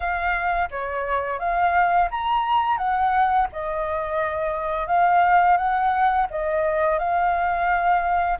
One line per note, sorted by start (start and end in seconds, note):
0.00 0.69 F5
0.70 1.39 C#5
1.39 2.09 F5
2.10 2.77 A#5
2.77 3.47 F#5
3.52 4.87 D#5
4.87 5.57 F5
5.57 6.27 F#5
6.30 6.98 D#5
6.98 8.38 F5